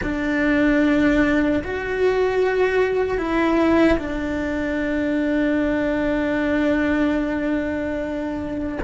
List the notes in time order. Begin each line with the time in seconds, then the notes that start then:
0.03 D4
1.63 F#4
3.18 E4
3.98 D4